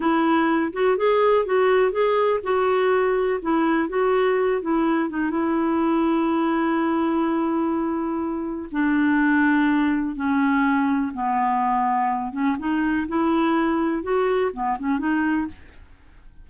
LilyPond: \new Staff \with { instrumentName = "clarinet" } { \time 4/4 \tempo 4 = 124 e'4. fis'8 gis'4 fis'4 | gis'4 fis'2 e'4 | fis'4. e'4 dis'8 e'4~ | e'1~ |
e'2 d'2~ | d'4 cis'2 b4~ | b4. cis'8 dis'4 e'4~ | e'4 fis'4 b8 cis'8 dis'4 | }